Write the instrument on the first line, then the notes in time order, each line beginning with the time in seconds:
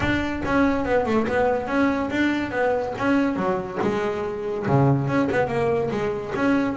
double bass
0.00 D4
0.45 C#4
0.85 B3
1.05 A3
1.27 B3
1.67 C#4
2.10 D4
2.51 B3
2.98 C#4
3.36 F#3
3.81 G#3
4.67 C#3
5.07 C#4
5.31 B3
5.47 A#3
5.90 G#3
6.35 C#4